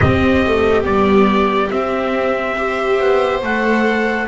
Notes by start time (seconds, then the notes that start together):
0.00 C4 G4 D#5
0.46 A3
0.83 G3 B3 D5
1.70 C4 E5
2.55 G4 C5
3.00 B3
3.42 A3 A4 F#5